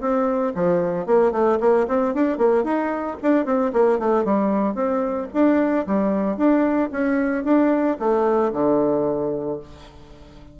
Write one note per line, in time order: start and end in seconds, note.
0.00 0.53 C4
0.55 1.06 F3
1.06 1.32 A#3
1.32 1.59 A3
1.60 1.87 A#3
1.88 2.14 C4
2.14 2.38 D4
2.38 2.64 A#3
2.64 3.17 D#4
3.22 3.45 D4
3.45 3.72 C4
3.73 3.99 A#3
3.99 4.25 A3
4.25 4.74 G3
4.74 5.28 C4
5.33 5.86 D4
5.87 6.37 G3
6.37 6.90 D4
6.91 7.44 C#4
7.44 7.97 D4
7.99 8.52 A3
8.53 9.59 D3